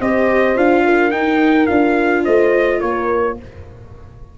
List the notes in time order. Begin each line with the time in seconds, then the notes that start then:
0.00 C4 G4 C5 D#5
0.56 D4 F4 F5
0.85 A#4
1.11 D#4 G5
1.67 D4 F4 F5
2.25 A3 C5 D#5
2.80 A#3 A#4 C#5